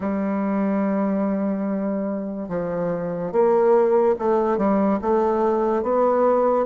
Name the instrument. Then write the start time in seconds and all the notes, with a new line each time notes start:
bassoon
0.00 G3
2.48 F3
3.31 A#3
4.19 A3
4.57 G3
5.01 A3
5.82 B3